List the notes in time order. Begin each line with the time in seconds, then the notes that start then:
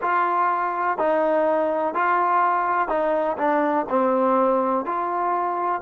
0.01 F4
0.98 D#4
1.94 F4
2.88 D#4
3.37 D4
3.89 C4
4.85 F4